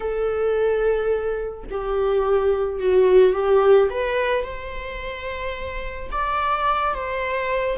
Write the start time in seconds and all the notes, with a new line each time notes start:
0.00 A4
1.70 G4
2.79 F#4
3.33 G4
3.90 B4
4.43 C5
6.11 D5
6.94 C5